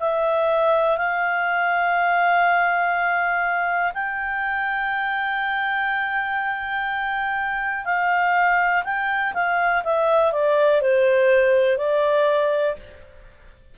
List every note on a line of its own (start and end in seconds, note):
0.00 0.97 E5
0.97 3.93 F5
3.94 7.85 G5
7.85 8.83 F5
8.84 9.34 G5
9.34 9.83 F5
9.84 10.32 E5
10.32 10.82 D5
10.82 11.78 C5
11.78 12.76 D5